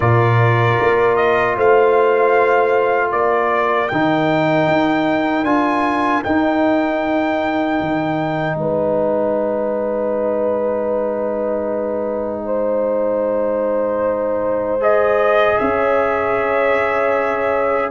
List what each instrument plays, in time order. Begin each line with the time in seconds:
0.00 tuba A#2, trombone F4, horn A#4, trumpet D5
0.80 tuba A#3
1.15 trumpet D#5
1.56 tuba A3, horn C5, trumpet F5
3.09 tuba A#3, horn A#4, trumpet D5
3.88 tuba D#3, trombone D#4, trumpet G5
4.66 tuba D#4
5.43 tuba D4, trombone F4, trumpet G#5
6.23 trombone D#4, tuba D#4, trumpet G5
7.80 tuba D#3
8.55 tuba G#3, horn B4, trumpet G#5
12.45 horn C5
14.80 trombone G#4, trumpet D#5
15.57 tuba C#4, horn C#5, trumpet E5